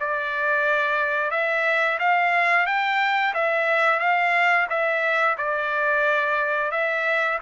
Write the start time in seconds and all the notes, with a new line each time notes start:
0.00 D5
1.31 E5
1.99 F5
2.66 G5
3.34 E5
4.00 F5
4.69 E5
5.37 D5
6.71 E5